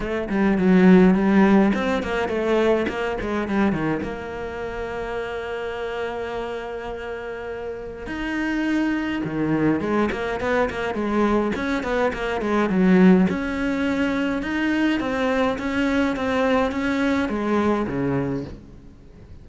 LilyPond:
\new Staff \with { instrumentName = "cello" } { \time 4/4 \tempo 4 = 104 a8 g8 fis4 g4 c'8 ais8 | a4 ais8 gis8 g8 dis8 ais4~ | ais1~ | ais2 dis'2 |
dis4 gis8 ais8 b8 ais8 gis4 | cis'8 b8 ais8 gis8 fis4 cis'4~ | cis'4 dis'4 c'4 cis'4 | c'4 cis'4 gis4 cis4 | }